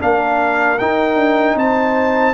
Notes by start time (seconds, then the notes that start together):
0.00 A#3 D4 A#4 F5
0.79 D#4 G5
1.16 D4
1.56 C4 C5 A5